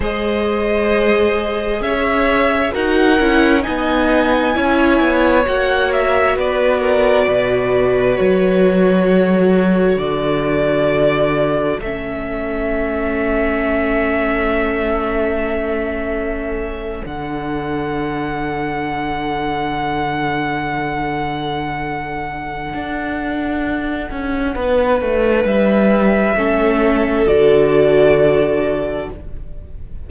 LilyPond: <<
  \new Staff \with { instrumentName = "violin" } { \time 4/4 \tempo 4 = 66 dis''2 e''4 fis''4 | gis''2 fis''8 e''8 d''4~ | d''4 cis''2 d''4~ | d''4 e''2.~ |
e''2~ e''8. fis''4~ fis''16~ | fis''1~ | fis''1 | e''2 d''2 | }
  \new Staff \with { instrumentName = "violin" } { \time 4/4 c''2 cis''4 ais'4 | dis''4 cis''2 b'8 ais'8 | b'2 a'2~ | a'1~ |
a'1~ | a'1~ | a'2. b'4~ | b'4 a'2. | }
  \new Staff \with { instrumentName = "viola" } { \time 4/4 gis'2. fis'8 e'8 | dis'4 e'4 fis'2~ | fis'1~ | fis'4 cis'2.~ |
cis'2~ cis'8. d'4~ d'16~ | d'1~ | d'1~ | d'4 cis'4 fis'2 | }
  \new Staff \with { instrumentName = "cello" } { \time 4/4 gis2 cis'4 dis'8 cis'8 | b4 cis'8 b8 ais4 b4 | b,4 fis2 d4~ | d4 a2.~ |
a2~ a8. d4~ d16~ | d1~ | d4 d'4. cis'8 b8 a8 | g4 a4 d2 | }
>>